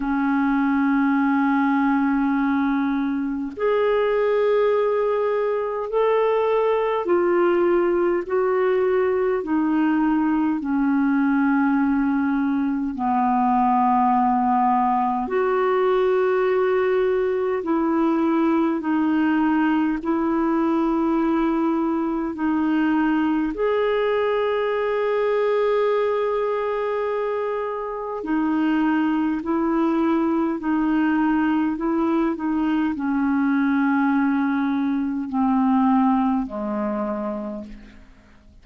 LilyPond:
\new Staff \with { instrumentName = "clarinet" } { \time 4/4 \tempo 4 = 51 cis'2. gis'4~ | gis'4 a'4 f'4 fis'4 | dis'4 cis'2 b4~ | b4 fis'2 e'4 |
dis'4 e'2 dis'4 | gis'1 | dis'4 e'4 dis'4 e'8 dis'8 | cis'2 c'4 gis4 | }